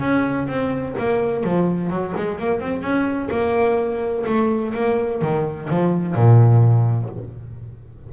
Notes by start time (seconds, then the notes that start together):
0.00 C#4
0.47 C4
0.99 A#3
1.43 F3
1.90 F#3
2.16 G#3
2.39 A#3
2.60 C4
2.82 C#4
3.30 A#3
4.26 A3
4.74 A#3
5.21 D#3
5.70 F3
6.15 A#2